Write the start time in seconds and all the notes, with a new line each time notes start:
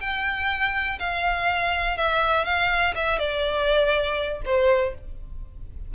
0.00 G5
0.99 F5
1.97 E5
2.45 F5
2.95 E5
3.18 D5
4.45 C5